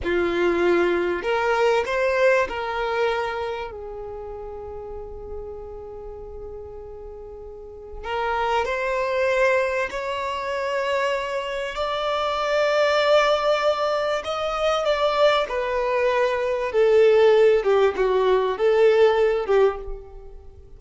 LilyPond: \new Staff \with { instrumentName = "violin" } { \time 4/4 \tempo 4 = 97 f'2 ais'4 c''4 | ais'2 gis'2~ | gis'1~ | gis'4 ais'4 c''2 |
cis''2. d''4~ | d''2. dis''4 | d''4 b'2 a'4~ | a'8 g'8 fis'4 a'4. g'8 | }